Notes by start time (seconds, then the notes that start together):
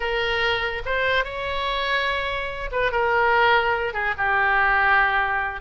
0.00 A#4
0.85 C5
1.24 C#5
2.71 B4
2.91 A#4
3.93 G#4
4.17 G4